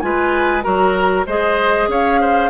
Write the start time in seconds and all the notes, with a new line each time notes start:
0.00 G#3 F4 B4 G#5
0.62 F#3 F#4 A#4 A#5
1.27 G#3 G#4 C5 D#5
1.88 C#4 C#5 F5
2.21 C5